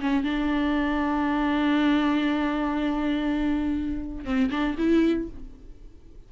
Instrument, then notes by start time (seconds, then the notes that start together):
viola
0.00 C#4
0.23 D4
4.24 C4
4.50 D4
4.78 E4